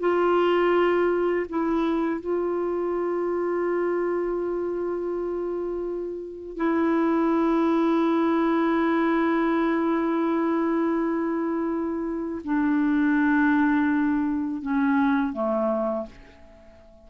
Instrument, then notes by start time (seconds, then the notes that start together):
clarinet
0.00 F4
1.49 E4
2.21 F4
6.57 E4
12.44 D4
14.62 C#4
15.33 A3